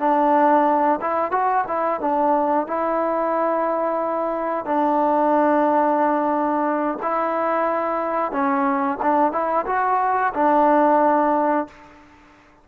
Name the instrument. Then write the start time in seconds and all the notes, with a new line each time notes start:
trombone
0.00 D4
1.02 E4
1.32 F#4
1.68 E4
2.01 D4
2.68 E4
4.66 D4
7.02 E4
8.32 C#4
9.03 D4
9.32 E4
9.67 F#4
10.35 D4